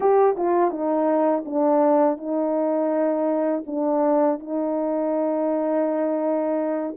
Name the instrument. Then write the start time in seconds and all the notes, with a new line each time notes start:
horn
0.00 G4
0.36 F4
0.70 D#4
1.45 D4
2.18 D#4
3.66 D4
4.39 D#4